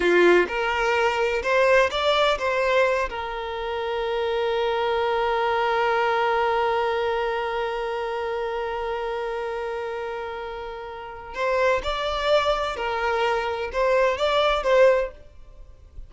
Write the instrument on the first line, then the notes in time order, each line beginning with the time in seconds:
violin
0.00 F4
0.47 A#4
1.43 C5
1.90 D5
2.38 C5
3.09 A#4
11.34 C5
11.83 D5
12.76 A#4
13.72 C5
14.17 D5
14.63 C5